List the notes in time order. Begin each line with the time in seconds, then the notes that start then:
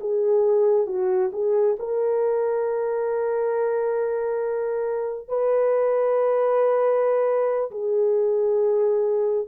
0.00 G#4
0.87 F#4
1.32 G#4
1.79 A#4
5.28 B4
7.71 G#4